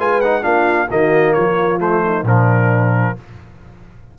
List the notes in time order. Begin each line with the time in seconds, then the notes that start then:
0.00 G#3 F4 B4 G#5
0.21 D#4 F#5
0.43 A#3 D4 F4 F5
0.90 D#3 A#3 F#4 D#5
1.34 F3 F4 C#5
1.80 A3 C5
2.05 D#4
2.23 A#2 F3 D4 A#4